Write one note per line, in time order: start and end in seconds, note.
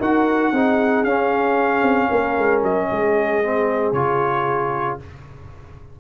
0.00 0.53 D#4
0.00 0.54 F#4
0.00 0.53 A#4
0.00 1.04 F#5
0.53 1.04 C4
0.53 1.07 D#4
0.53 2.10 G#4
1.04 1.83 C#4
1.04 3.44 C#4
1.04 2.62 F5
1.83 2.09 C4
2.10 2.38 A#3
2.10 2.88 A#4
2.38 2.63 G#3
2.63 2.89 F#3
2.63 3.93 D#5
2.90 3.93 G#3
2.90 5.00 G#4
3.44 3.95 C4
3.93 4.98 C#3
3.93 5.00 F4
3.93 4.98 C#5